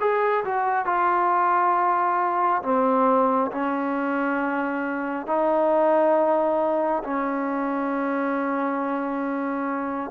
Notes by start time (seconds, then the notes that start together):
0.00 G#4
0.45 F#4
0.85 F4
2.63 C4
3.52 C#4
5.27 D#4
7.04 C#4